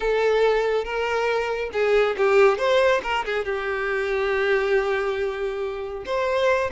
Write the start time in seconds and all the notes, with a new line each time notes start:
0.00 A4
0.84 A#4
1.72 G#4
2.17 G4
2.58 C5
3.03 A#4
3.25 G#4
3.44 G4
6.05 C5